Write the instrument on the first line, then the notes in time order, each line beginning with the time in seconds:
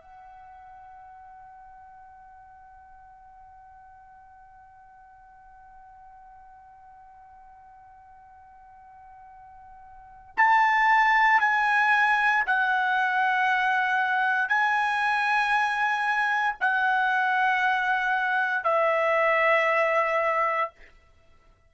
trumpet
0.00 F#5
10.37 A5
11.40 G#5
12.46 F#5
14.48 G#5
16.60 F#5
18.63 E5